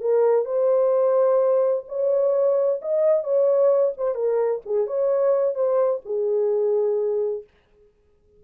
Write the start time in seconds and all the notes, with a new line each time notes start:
0.00 A#4
0.45 C5
1.88 C#5
2.81 D#5
3.23 C#5
3.97 C5
4.15 A#4
4.65 G#4
4.86 C#5
5.54 C5
6.05 G#4